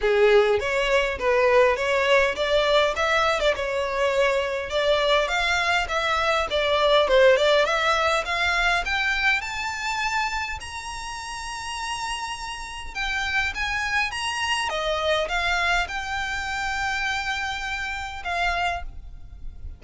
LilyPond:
\new Staff \with { instrumentName = "violin" } { \time 4/4 \tempo 4 = 102 gis'4 cis''4 b'4 cis''4 | d''4 e''8. d''16 cis''2 | d''4 f''4 e''4 d''4 | c''8 d''8 e''4 f''4 g''4 |
a''2 ais''2~ | ais''2 g''4 gis''4 | ais''4 dis''4 f''4 g''4~ | g''2. f''4 | }